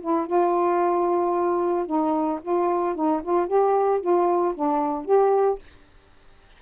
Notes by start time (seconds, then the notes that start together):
0.00 E4
0.26 F4
1.86 D#4
2.41 F4
2.95 D#4
3.22 F4
3.47 G4
4.00 F4
4.54 D4
5.05 G4